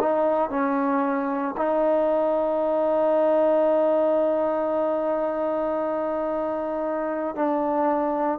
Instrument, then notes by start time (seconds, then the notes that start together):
trombone
0.00 D#4
0.50 C#4
1.57 D#4
7.35 D4